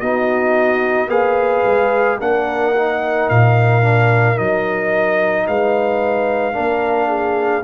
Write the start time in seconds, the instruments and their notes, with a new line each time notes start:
0.00 tuba B3, trombone D#4, horn F#4, trumpet D#5
1.07 tuba A#3, trombone G#4, horn B4, trumpet F5
1.65 tuba G#3
2.19 tuba A#3, trombone D4, horn A#4, trumpet F#5
2.75 trombone D#4
3.29 tuba A#2, trumpet F5
3.82 trombone D4
4.36 tuba F#3, trombone D#4, trumpet D#5
5.47 tuba G#3, horn B4, trumpet F5
6.53 tuba A#3, trombone D4, horn A#4
7.07 horn G#4